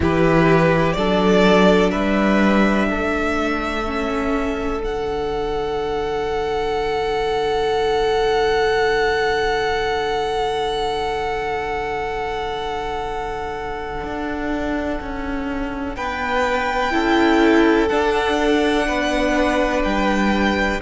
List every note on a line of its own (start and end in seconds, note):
0.00 0.95 E3
0.00 0.96 E4
0.00 0.97 G4
0.00 0.93 B4
0.93 1.93 F#3
0.93 3.85 D4
0.93 1.91 A4
0.93 1.89 D5
1.91 2.92 G3
1.91 2.88 B4
1.91 4.81 E5
2.89 4.84 A3
2.89 15.96 A4
3.85 4.80 C#4
4.80 14.03 D3
4.80 16.90 D4
4.80 15.95 F#5
14.03 15.00 D4
15.00 15.96 C#4
15.95 16.92 B3
15.95 16.92 B4
15.95 17.88 G5
16.90 17.89 C#4
16.90 17.87 E4
16.90 18.86 A4
17.88 20.80 D4
17.88 18.88 D4
17.88 19.82 F#5
18.87 19.83 B3
18.87 20.80 B4
19.83 20.80 G3
19.83 20.80 G5